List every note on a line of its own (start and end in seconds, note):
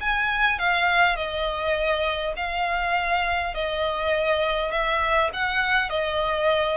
0.00 0.59 G#5
0.59 1.16 F5
1.16 2.33 D#5
2.36 3.54 F5
3.54 4.71 D#5
4.71 5.30 E5
5.33 5.90 F#5
5.90 6.77 D#5